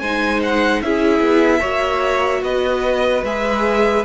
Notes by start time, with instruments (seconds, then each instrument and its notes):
0.00 cello G#3, viola D#4, violin C5 G#5
0.43 violin F#5
0.82 cello C#4, viola E4, violin G#4 E5
1.20 cello B3
1.60 cello A#3, viola F#4, violin C#5
2.43 cello B3, violin B4 D#5
3.24 cello G#3, viola G#4, violin E5